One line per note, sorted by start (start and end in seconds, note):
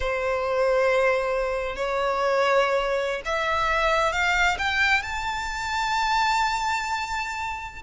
0.00 1.76 C5
1.76 3.21 C#5
3.25 4.12 E5
4.12 4.57 F5
4.58 5.02 G5
5.02 7.82 A5